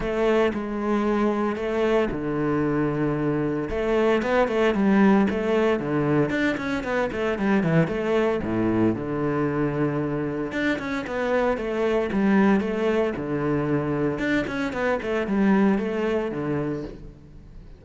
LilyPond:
\new Staff \with { instrumentName = "cello" } { \time 4/4 \tempo 4 = 114 a4 gis2 a4 | d2. a4 | b8 a8 g4 a4 d4 | d'8 cis'8 b8 a8 g8 e8 a4 |
a,4 d2. | d'8 cis'8 b4 a4 g4 | a4 d2 d'8 cis'8 | b8 a8 g4 a4 d4 | }